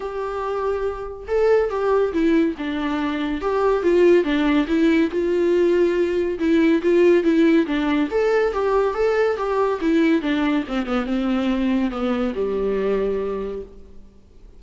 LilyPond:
\new Staff \with { instrumentName = "viola" } { \time 4/4 \tempo 4 = 141 g'2. a'4 | g'4 e'4 d'2 | g'4 f'4 d'4 e'4 | f'2. e'4 |
f'4 e'4 d'4 a'4 | g'4 a'4 g'4 e'4 | d'4 c'8 b8 c'2 | b4 g2. | }